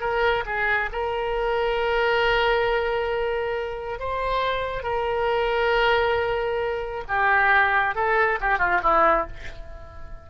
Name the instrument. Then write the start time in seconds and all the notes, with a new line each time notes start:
oboe
0.00 A#4
0.46 G#4
0.92 A#4
3.99 C5
4.83 A#4
7.08 G4
7.95 A4
8.41 G4
8.58 F4
8.83 E4